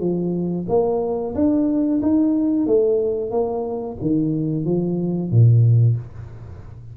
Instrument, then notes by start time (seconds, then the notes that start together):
tuba
0.00 F3
0.68 A#3
1.35 D4
2.02 D#4
2.66 A3
3.31 A#3
4.01 D#3
4.65 F3
5.30 A#2